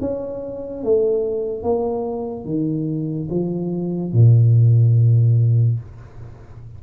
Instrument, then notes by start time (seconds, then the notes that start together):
tuba
0.00 C#4
0.83 A3
1.62 A#3
2.45 D#3
3.30 F3
4.12 A#2